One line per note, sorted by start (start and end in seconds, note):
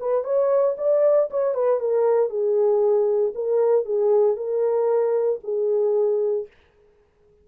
0.00 0.24 B4
0.24 0.75 C#5
0.78 1.29 D5
1.30 1.54 C#5
1.54 1.80 B4
1.80 2.29 A#4
2.29 3.33 G#4
3.35 3.85 A#4
3.85 4.36 G#4
4.36 5.40 A#4
5.43 6.47 G#4